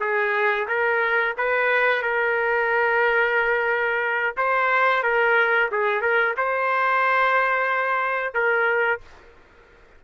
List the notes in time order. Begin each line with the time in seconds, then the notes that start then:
0.00 G#4
0.68 A#4
1.37 B4
2.02 A#4
4.37 C5
5.02 A#4
5.71 G#4
6.01 A#4
6.37 C5
8.34 A#4